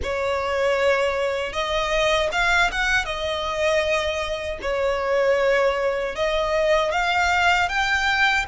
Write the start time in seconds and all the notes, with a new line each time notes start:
0.02 C#5
1.52 D#5
2.31 F5
2.71 F#5
3.05 D#5
4.62 C#5
6.15 D#5
6.91 F5
7.69 G5